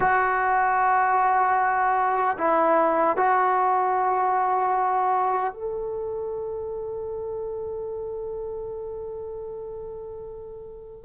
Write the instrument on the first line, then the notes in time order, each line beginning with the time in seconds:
trombone
0.00 F#4
2.38 E4
3.17 F#4
5.53 A4